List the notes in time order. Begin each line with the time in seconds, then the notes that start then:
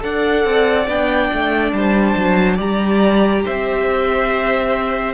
0.00 D4 A4 D5 F#5
0.45 C4
0.86 B3 D4 G5
1.33 A3
1.72 G3 C5 A5
2.16 F#3
2.56 G3 G4 D5 A#5
3.44 C4 C5 E5